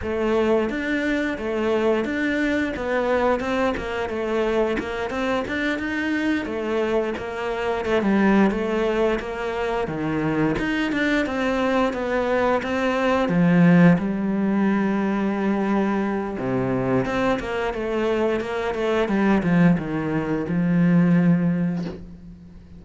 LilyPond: \new Staff \with { instrumentName = "cello" } { \time 4/4 \tempo 4 = 88 a4 d'4 a4 d'4 | b4 c'8 ais8 a4 ais8 c'8 | d'8 dis'4 a4 ais4 a16 g16~ | g8 a4 ais4 dis4 dis'8 |
d'8 c'4 b4 c'4 f8~ | f8 g2.~ g8 | c4 c'8 ais8 a4 ais8 a8 | g8 f8 dis4 f2 | }